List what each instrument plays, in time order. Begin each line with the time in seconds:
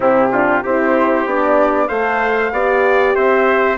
0.00 bassoon C3, horn C4, trumpet E4, flute G4
0.32 horn D4, trumpet F4
0.63 bassoon C4, horn E4, trumpet G4, flute C5
1.25 bassoon B3, horn D4, flute D5
1.88 bassoon A3, horn A4, trumpet C5, flute F5
2.51 bassoon B3, horn G4, trumpet D5
3.14 bassoon C4, trumpet C5, flute E5